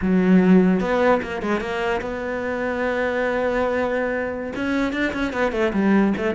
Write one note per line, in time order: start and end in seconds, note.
0.01 0.80 F#3
0.80 1.20 B3
1.22 1.42 A#3
1.42 1.60 G#3
1.60 2.00 A#3
2.01 4.52 B3
4.55 4.92 C#4
4.92 5.13 D4
5.13 5.32 C#4
5.32 5.52 B3
5.52 5.72 A3
5.73 6.13 G3
6.17 6.35 A3